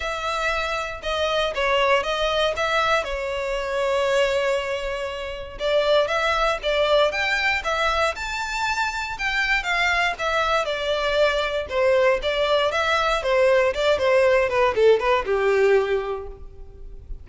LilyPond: \new Staff \with { instrumentName = "violin" } { \time 4/4 \tempo 4 = 118 e''2 dis''4 cis''4 | dis''4 e''4 cis''2~ | cis''2. d''4 | e''4 d''4 g''4 e''4 |
a''2 g''4 f''4 | e''4 d''2 c''4 | d''4 e''4 c''4 d''8 c''8~ | c''8 b'8 a'8 b'8 g'2 | }